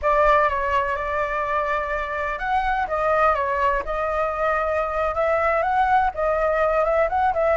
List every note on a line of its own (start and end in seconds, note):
0.02 0.49 D5
0.49 0.96 C#5
0.96 2.38 D5
2.38 2.86 F#5
2.87 3.35 D#5
3.35 3.83 C#5
3.85 5.14 D#5
5.14 5.62 E5
5.62 6.10 F#5
6.14 6.84 D#5
6.84 7.08 E5
7.09 7.33 F#5
7.33 7.57 E5